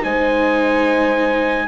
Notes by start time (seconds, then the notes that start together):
0.00 G#3 D#4 C5 G#5